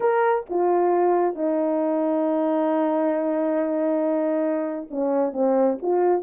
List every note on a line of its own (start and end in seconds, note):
0.00 0.45 A#4
0.49 1.35 F4
1.35 4.87 D#4
4.90 5.32 C#4
5.32 5.78 C4
5.82 6.22 F4